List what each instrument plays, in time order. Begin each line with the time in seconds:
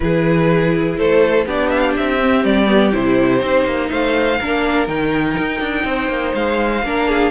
0.00 cello E3, viola E4, violin G#4 B4
0.97 cello A3, violin A4 C5
1.45 cello B3, viola D4, violin G4 D5
1.69 violin E5
1.79 violin F5
1.97 cello C4, violin E5
2.21 viola C4
2.44 cello G3, violin D5
2.66 viola B3
2.91 cello C3, viola E4, violin C5
3.40 cello C4, viola D#4
3.65 cello A#3
3.89 cello A3, violin C5 F5
4.39 cello A#3, viola D4, violin A#4
4.87 cello D#3, viola D#4, violin G5
5.38 cello D#4
5.60 cello D4
5.84 cello C4, violin C5
6.08 cello A#3
6.34 cello G#3, violin F5
6.82 cello A#3, viola D4, violin A#4
7.08 violin G#4